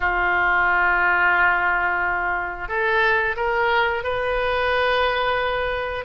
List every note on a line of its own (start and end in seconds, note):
0.00 2.68 F4
2.68 3.35 A4
3.36 4.03 A#4
4.03 6.04 B4